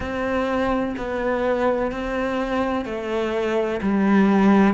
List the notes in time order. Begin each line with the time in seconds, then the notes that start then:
0.00 C4
0.97 B3
1.91 C4
2.85 A3
3.81 G3